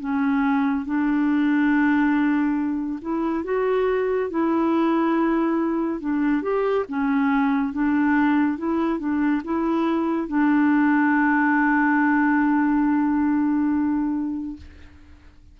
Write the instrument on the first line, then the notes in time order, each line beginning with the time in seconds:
clarinet
0.00 C#4
0.85 D4
3.01 E4
3.44 F#4
4.30 E4
6.00 D4
6.42 G4
6.89 C#4
7.73 D4
8.58 E4
8.99 D4
9.44 E4
10.28 D4